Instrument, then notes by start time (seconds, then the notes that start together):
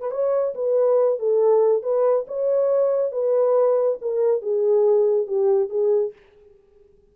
horn
0.00 B4
0.11 C#5
0.55 B4
1.19 A4
1.83 B4
2.27 C#5
3.12 B4
4.01 A#4
4.41 G#4
5.27 G4
5.69 G#4